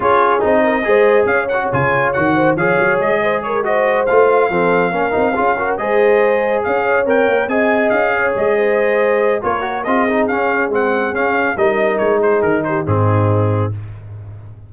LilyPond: <<
  \new Staff \with { instrumentName = "trumpet" } { \time 4/4 \tempo 4 = 140 cis''4 dis''2 f''8 fis''8 | gis''4 fis''4 f''4 dis''4 | cis''8 dis''4 f''2~ f''8~ | f''4. dis''2 f''8~ |
f''8 g''4 gis''4 f''4 dis''8~ | dis''2 cis''4 dis''4 | f''4 fis''4 f''4 dis''4 | cis''8 c''8 ais'8 c''8 gis'2 | }
  \new Staff \with { instrumentName = "horn" } { \time 4/4 gis'4. ais'8 c''4 cis''4~ | cis''4. c''8 cis''4. c''8 | ais'8 c''2 a'4 ais'8~ | ais'8 gis'8 ais'8 c''2 cis''8~ |
cis''4. dis''4. cis''4 | c''2 ais'4 gis'4~ | gis'2. ais'4~ | ais'8 gis'4 g'8 dis'2 | }
  \new Staff \with { instrumentName = "trombone" } { \time 4/4 f'4 dis'4 gis'4. fis'8 | f'4 fis'4 gis'2~ | gis'8 fis'4 f'4 c'4 cis'8 | dis'8 f'8 fis'8 gis'2~ gis'8~ |
gis'8 ais'4 gis'2~ gis'8~ | gis'2 f'8 fis'8 f'8 dis'8 | cis'4 c'4 cis'4 dis'4~ | dis'2 c'2 | }
  \new Staff \with { instrumentName = "tuba" } { \time 4/4 cis'4 c'4 gis4 cis'4 | cis4 dis4 f8 fis8 gis4~ | gis4. a4 f4 ais8 | c'8 cis'4 gis2 cis'8~ |
cis'8 c'8 ais8 c'4 cis'4 gis8~ | gis2 ais4 c'4 | cis'4 gis4 cis'4 g4 | gis4 dis4 gis,2 | }
>>